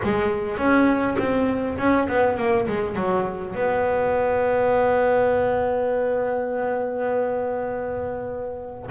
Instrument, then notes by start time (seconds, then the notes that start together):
double bass
0.03 G#3
0.57 C#4
1.18 C4
1.78 C#4
2.08 B3
2.37 A#3
2.67 G#3
2.95 F#3
3.55 B3